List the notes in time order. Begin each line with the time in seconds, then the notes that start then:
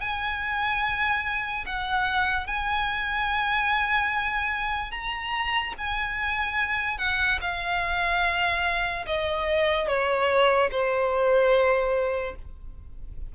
0.00 G#5
1.66 F#5
2.47 G#5
4.91 A#5
5.78 G#5
6.98 F#5
7.41 F5
9.06 D#5
9.88 C#5
10.71 C5